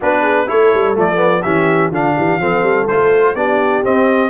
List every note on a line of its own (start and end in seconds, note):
0.00 0.49 B3
0.00 0.47 D4
0.00 0.21 F#4
0.00 0.48 B4
0.21 0.45 G#4
0.47 0.73 A3
0.47 0.94 E4
0.47 1.43 A4
0.47 0.96 C#5
0.74 0.97 G3
0.94 1.45 F3
0.94 1.16 A3
0.94 1.42 D5
1.16 1.40 B3
1.42 1.90 E3
1.42 1.92 C#4
1.42 1.91 G4
1.42 1.90 E5
1.90 2.14 D3
1.90 2.40 D4
1.90 2.15 F4
1.90 2.87 F5
2.17 2.38 E3
2.17 2.39 G4
2.38 2.62 F3
2.38 2.88 C4
2.38 3.35 A4
2.62 2.86 G3
2.87 3.35 A3
2.87 3.36 F4
2.87 3.35 C5
3.35 3.83 B3
3.35 3.83 D4
3.35 4.30 G4
3.35 3.83 D5
3.83 4.30 C4
3.83 4.30 D#5